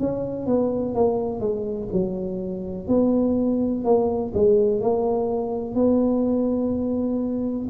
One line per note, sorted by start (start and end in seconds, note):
0.00 0.47 C#4
0.47 0.95 B3
0.95 1.40 A#3
1.40 1.88 G#3
1.93 2.88 F#3
2.88 3.84 B3
3.84 4.33 A#3
4.34 4.81 G#3
4.81 5.75 A#3
5.75 7.69 B3